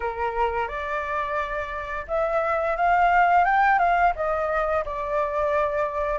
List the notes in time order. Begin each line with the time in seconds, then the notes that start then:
0.00 A#4
0.68 D5
2.07 E5
2.76 F5
3.45 G5
3.78 F5
4.15 D#5
4.85 D5